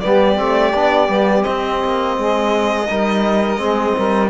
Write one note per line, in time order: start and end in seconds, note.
0.00 0.40 G3
0.00 0.36 B3
0.00 2.17 G4
0.00 1.43 D5
0.36 0.74 A3
0.36 0.72 C4
0.74 1.08 B3
0.74 1.09 D4
1.08 1.44 G3
1.08 1.43 B3
1.43 2.85 C4
1.43 1.83 C4
1.43 4.28 D#5
1.84 2.17 A#3
2.17 2.88 G#3
2.17 2.89 G#4
2.90 3.57 G3
2.90 3.57 D#4
2.90 3.60 A#4
3.57 3.93 G#3
3.57 4.29 C4
3.57 3.96 G#4
3.96 4.30 G3
3.96 4.30 A#4